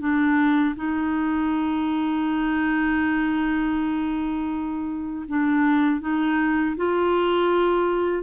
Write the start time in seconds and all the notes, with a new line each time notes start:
0.00 D4
0.76 D#4
5.28 D4
6.01 D#4
6.77 F4